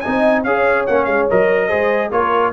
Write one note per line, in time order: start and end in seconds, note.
0.00 0.45 D#4
0.00 0.44 D#5
0.00 0.42 G#5
0.06 0.44 C4
0.44 0.86 C#4
0.44 0.88 G#4
0.44 1.68 C#5
0.44 0.85 F5
0.87 1.07 A#3
0.87 1.30 C#4
0.87 1.05 F#5
1.05 1.27 G#3
1.05 1.26 F5
1.30 1.72 F#3
1.30 1.69 A#4
1.30 2.12 D#5
1.68 2.11 G#3
1.68 2.11 G#4
1.68 2.10 C5
2.11 2.53 A#3
2.11 2.53 F4
2.11 2.53 A#4
2.11 2.53 C#5